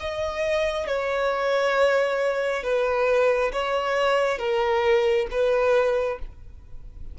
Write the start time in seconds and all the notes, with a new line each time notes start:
0.00 D#5
0.87 C#5
2.63 B4
3.53 C#5
4.39 A#4
5.31 B4